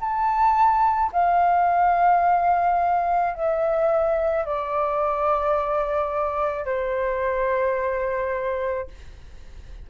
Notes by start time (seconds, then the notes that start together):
0.00 A5
1.13 F5
3.34 E5
4.45 D5
6.65 C5